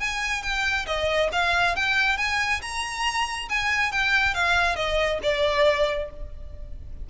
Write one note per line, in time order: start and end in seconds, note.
0.00 0.42 G#5
0.42 0.86 G5
0.86 1.30 D#5
1.32 1.76 F5
1.76 2.17 G5
2.17 2.61 G#5
2.62 3.49 A#5
3.49 3.92 G#5
3.92 4.34 G5
4.34 4.76 F5
4.76 5.19 D#5
5.23 6.10 D5